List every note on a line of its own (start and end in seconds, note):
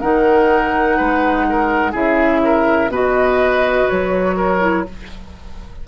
0.00 0.99 D#3
0.00 1.93 D#4
0.00 0.97 A#4
0.00 1.94 F#5
0.97 1.94 G#3
0.97 1.45 B4
1.49 1.91 A#4
1.91 2.88 C#3
1.91 2.89 E4
1.91 2.40 G#4
1.91 2.92 E5
2.44 2.91 A#4
2.88 3.85 B2
2.88 4.60 F#4
2.88 4.36 B4
2.88 3.89 D#5
3.89 4.88 F#3
3.89 4.86 C#5
4.36 4.85 A#4
4.60 4.84 E4